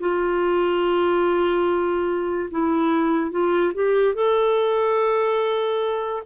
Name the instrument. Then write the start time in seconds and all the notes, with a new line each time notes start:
clarinet
0.00 F4
2.51 E4
3.31 F4
3.75 G4
4.15 A4